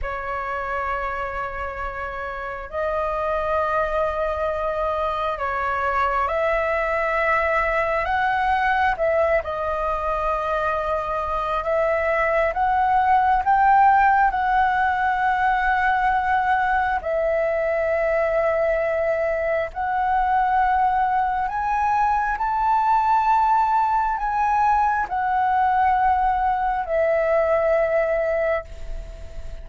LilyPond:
\new Staff \with { instrumentName = "flute" } { \time 4/4 \tempo 4 = 67 cis''2. dis''4~ | dis''2 cis''4 e''4~ | e''4 fis''4 e''8 dis''4.~ | dis''4 e''4 fis''4 g''4 |
fis''2. e''4~ | e''2 fis''2 | gis''4 a''2 gis''4 | fis''2 e''2 | }